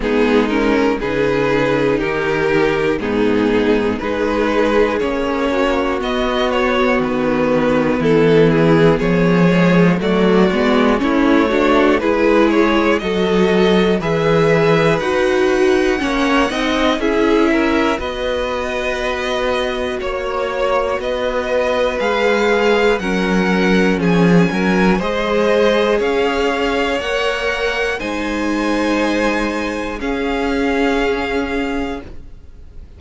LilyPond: <<
  \new Staff \with { instrumentName = "violin" } { \time 4/4 \tempo 4 = 60 gis'8 ais'8 b'4 ais'4 gis'4 | b'4 cis''4 dis''8 cis''8 b'4 | a'8 gis'8 cis''4 d''4 cis''4 | b'8 cis''8 dis''4 e''4 fis''4~ |
fis''4 e''4 dis''2 | cis''4 dis''4 f''4 fis''4 | gis''4 dis''4 f''4 fis''4 | gis''2 f''2 | }
  \new Staff \with { instrumentName = "violin" } { \time 4/4 dis'4 gis'4 g'4 dis'4 | gis'4. fis'2~ fis'8 | e'4 gis'4 fis'4 e'8 fis'8 | gis'4 a'4 b'2 |
cis''8 dis''8 gis'8 ais'8 b'2 | cis''4 b'2 ais'4 | gis'8 ais'8 c''4 cis''2 | c''2 gis'2 | }
  \new Staff \with { instrumentName = "viola" } { \time 4/4 b8 cis'8 dis'2 b4 | dis'4 cis'4 b2~ | b4. gis8 a8 b8 cis'8 d'8 | e'4 fis'4 gis'4 fis'4 |
cis'8 dis'8 e'4 fis'2~ | fis'2 gis'4 cis'4~ | cis'4 gis'2 ais'4 | dis'2 cis'2 | }
  \new Staff \with { instrumentName = "cello" } { \time 4/4 gis4 cis4 dis4 gis,4 | gis4 ais4 b4 dis4 | e4 f4 fis8 gis8 a4 | gis4 fis4 e4 dis'4 |
ais8 c'8 cis'4 b2 | ais4 b4 gis4 fis4 | f8 fis8 gis4 cis'4 ais4 | gis2 cis'2 | }
>>